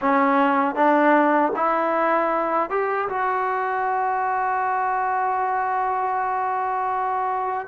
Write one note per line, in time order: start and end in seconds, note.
0.01 0.75 C#4
0.75 1.52 D4
1.56 2.70 E4
2.70 3.08 G4
3.08 7.67 F#4